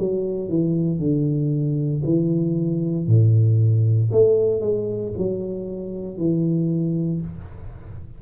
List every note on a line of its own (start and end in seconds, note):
0.00 0.49 F#3
0.49 0.99 E3
0.99 2.03 D3
2.05 3.08 E3
3.08 4.11 A2
4.12 4.61 A3
4.61 5.13 G#3
5.18 6.18 F#3
6.18 7.21 E3